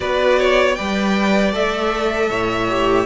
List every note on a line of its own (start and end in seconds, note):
0.00 0.78 B3
0.00 0.76 F#4
0.00 0.39 B4
0.00 0.74 D5
0.39 0.75 C#5
0.74 1.53 G3
0.74 1.52 B4
0.74 2.29 D5
0.74 1.51 G5
1.52 2.29 A3
1.52 2.67 A4
1.52 3.06 E5
2.29 3.06 A2
2.29 3.06 C#5
2.69 3.06 G4